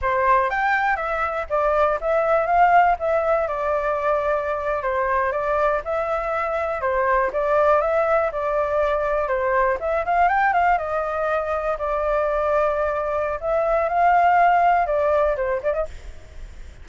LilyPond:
\new Staff \with { instrumentName = "flute" } { \time 4/4 \tempo 4 = 121 c''4 g''4 e''4 d''4 | e''4 f''4 e''4 d''4~ | d''4.~ d''16 c''4 d''4 e''16~ | e''4.~ e''16 c''4 d''4 e''16~ |
e''8. d''2 c''4 e''16~ | e''16 f''8 g''8 f''8 dis''2 d''16~ | d''2. e''4 | f''2 d''4 c''8 d''16 dis''16 | }